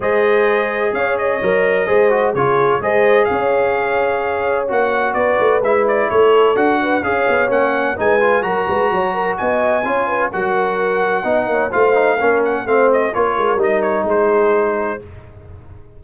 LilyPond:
<<
  \new Staff \with { instrumentName = "trumpet" } { \time 4/4 \tempo 4 = 128 dis''2 f''8 dis''4.~ | dis''4 cis''4 dis''4 f''4~ | f''2 fis''4 d''4 | e''8 d''8 cis''4 fis''4 f''4 |
fis''4 gis''4 ais''2 | gis''2 fis''2~ | fis''4 f''4. fis''8 f''8 dis''8 | cis''4 dis''8 cis''8 c''2 | }
  \new Staff \with { instrumentName = "horn" } { \time 4/4 c''2 cis''2 | c''4 gis'4 c''4 cis''4~ | cis''2. b'4~ | b'4 a'4. b'8 cis''4~ |
cis''4 b'4 ais'8 b'8 cis''8 ais'8 | dis''4 cis''8 b'8 ais'2 | dis''8 cis''8 c''4 ais'4 c''4 | ais'2 gis'2 | }
  \new Staff \with { instrumentName = "trombone" } { \time 4/4 gis'2. ais'4 | gis'8 fis'8 f'4 gis'2~ | gis'2 fis'2 | e'2 fis'4 gis'4 |
cis'4 dis'8 f'8 fis'2~ | fis'4 f'4 fis'2 | dis'4 f'8 dis'8 cis'4 c'4 | f'4 dis'2. | }
  \new Staff \with { instrumentName = "tuba" } { \time 4/4 gis2 cis'4 fis4 | gis4 cis4 gis4 cis'4~ | cis'2 ais4 b8 a8 | gis4 a4 d'4 cis'8 b8 |
ais4 gis4 fis8 gis8 fis4 | b4 cis'4 fis2 | b8 ais8 a4 ais4 a4 | ais8 gis8 g4 gis2 | }
>>